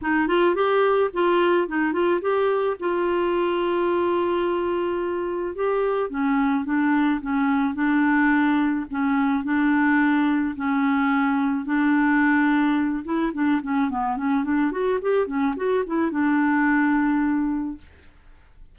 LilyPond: \new Staff \with { instrumentName = "clarinet" } { \time 4/4 \tempo 4 = 108 dis'8 f'8 g'4 f'4 dis'8 f'8 | g'4 f'2.~ | f'2 g'4 cis'4 | d'4 cis'4 d'2 |
cis'4 d'2 cis'4~ | cis'4 d'2~ d'8 e'8 | d'8 cis'8 b8 cis'8 d'8 fis'8 g'8 cis'8 | fis'8 e'8 d'2. | }